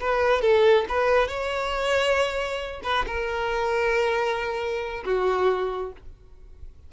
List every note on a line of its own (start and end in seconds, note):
0.00 0.41 B4
0.41 0.85 A4
0.89 1.28 B4
1.28 2.81 C#5
2.83 3.05 B4
3.07 5.04 A#4
5.05 5.92 F#4